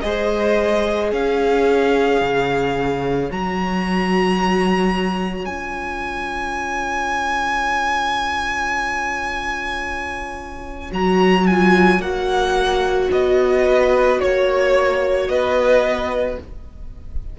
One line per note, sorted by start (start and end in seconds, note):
0.00 1.11 G#3
0.00 3.29 G#4
0.00 1.12 C5
0.00 1.09 D#5
1.11 2.20 C#4
1.11 13.65 C#5
1.11 3.31 F5
2.20 3.30 C#3
3.30 5.46 F#3
3.30 5.45 F#4
3.30 5.45 A#5
5.45 10.91 C#4
5.45 10.90 F4
5.45 10.91 G#5
10.90 11.99 F#3
10.90 11.45 F#4
10.90 11.47 A#5
11.47 12.01 F4
11.47 12.01 G#5
11.99 13.08 A#3
11.99 16.37 F#4
11.99 13.10 F#5
13.11 14.20 B3
13.11 14.20 D#5
13.65 14.20 B4
14.20 15.28 A#3
14.20 15.28 C#5
14.20 15.30 C#5
15.28 16.37 B3
15.28 16.39 B4
15.28 16.37 D#5